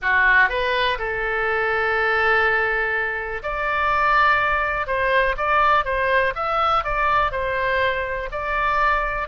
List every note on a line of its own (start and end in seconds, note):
0.02 0.49 F#4
0.49 0.98 B4
0.98 3.42 A4
3.42 4.86 D5
4.86 5.35 C5
5.37 5.84 D5
5.84 6.33 C5
6.35 6.84 E5
6.84 7.31 D5
7.31 8.29 C5
8.31 9.28 D5